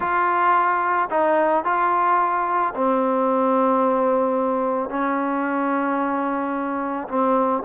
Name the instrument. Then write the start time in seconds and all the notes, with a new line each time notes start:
trombone
0.00 F4
1.10 D#4
1.64 F4
2.74 C4
4.89 C#4
7.08 C4